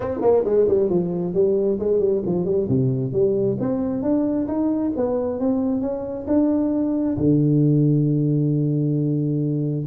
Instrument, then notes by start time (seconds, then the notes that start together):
tuba
0.00 C4
0.21 A#3
0.45 G#3
0.68 G3
0.89 F3
1.34 G3
1.79 G#3
1.99 G3
2.25 F3
2.45 G3
2.68 C3
3.12 G3
3.59 C4
4.02 D4
4.47 D#4
4.96 B3
5.39 C4
5.81 C#4
6.27 D4
7.17 D3